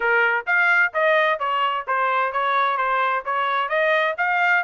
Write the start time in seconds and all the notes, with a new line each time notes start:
0.00 A#4
0.46 F5
0.93 D#5
1.39 C#5
1.87 C5
2.32 C#5
2.77 C5
3.25 C#5
3.68 D#5
4.17 F5